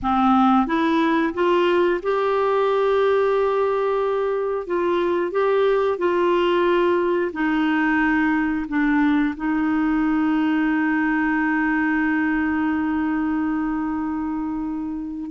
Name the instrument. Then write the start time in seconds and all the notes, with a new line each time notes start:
clarinet
0.02 C4
0.66 E4
1.34 F4
2.02 G4
4.67 F4
5.32 G4
5.98 F4
7.32 D#4
8.68 D4
9.35 D#4